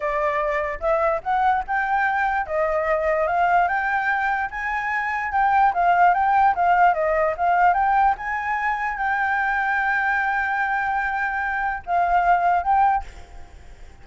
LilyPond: \new Staff \with { instrumentName = "flute" } { \time 4/4 \tempo 4 = 147 d''2 e''4 fis''4 | g''2 dis''2 | f''4 g''2 gis''4~ | gis''4 g''4 f''4 g''4 |
f''4 dis''4 f''4 g''4 | gis''2 g''2~ | g''1~ | g''4 f''2 g''4 | }